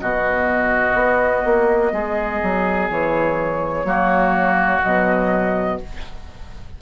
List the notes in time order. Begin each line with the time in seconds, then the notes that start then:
0.00 B2 B3 F#4 D#5
0.94 B3
1.45 A#3
1.92 G#3 G#4
2.43 F#3
2.90 E3 C#5
3.84 F#3 A#3 F#4
4.82 B2 F#3 D#5